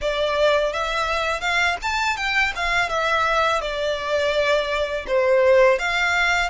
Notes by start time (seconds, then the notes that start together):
0.01 D5
0.73 E5
1.40 F5
1.81 A5
2.17 G5
2.55 F5
2.89 E5
3.61 D5
5.07 C5
5.78 F5